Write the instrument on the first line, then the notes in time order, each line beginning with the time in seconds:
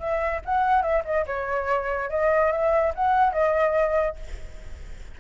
flute
0.00 E5
0.45 F#5
0.83 E5
1.05 D#5
1.27 C#5
2.10 D#5
2.52 E5
2.95 F#5
3.33 D#5